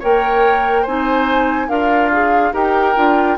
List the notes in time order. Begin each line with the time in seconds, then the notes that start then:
0.00 A#3 A#4 C#5 G5
0.82 C4 D#4 C5 G#5
1.68 D4 F4 A#4 F5
2.13 G#4
2.53 D#4 G4 A#4 G5
2.96 D4 F4